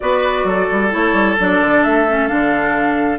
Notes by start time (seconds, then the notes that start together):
0.00 B3 F#4 B4 D5
0.44 F#3 A4
0.71 G3
0.90 A3 E4 C#5
1.13 G3
1.39 F#3 D4 D5
1.60 D3
1.83 A3 E5
2.08 C#4
2.27 D3 D4 F5